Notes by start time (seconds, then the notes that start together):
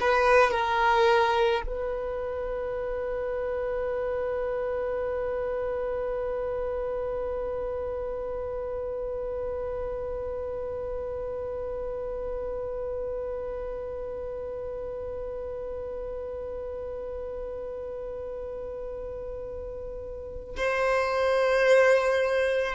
0.00 B4
0.51 A#4
1.66 B4
20.56 C5